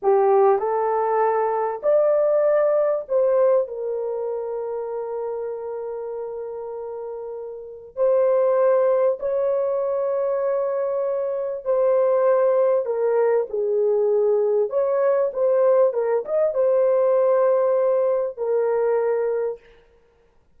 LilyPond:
\new Staff \with { instrumentName = "horn" } { \time 4/4 \tempo 4 = 98 g'4 a'2 d''4~ | d''4 c''4 ais'2~ | ais'1~ | ais'4 c''2 cis''4~ |
cis''2. c''4~ | c''4 ais'4 gis'2 | cis''4 c''4 ais'8 dis''8 c''4~ | c''2 ais'2 | }